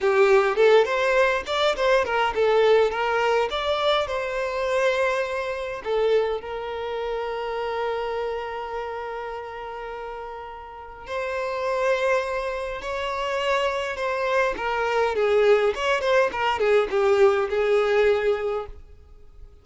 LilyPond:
\new Staff \with { instrumentName = "violin" } { \time 4/4 \tempo 4 = 103 g'4 a'8 c''4 d''8 c''8 ais'8 | a'4 ais'4 d''4 c''4~ | c''2 a'4 ais'4~ | ais'1~ |
ais'2. c''4~ | c''2 cis''2 | c''4 ais'4 gis'4 cis''8 c''8 | ais'8 gis'8 g'4 gis'2 | }